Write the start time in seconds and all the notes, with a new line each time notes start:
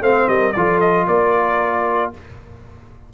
0.00 A3 C4 C5 F5
0.27 G3 A#4 D#5
0.52 F3 F4 A4 D5
0.80 D#5
1.07 A#3 A#4 D5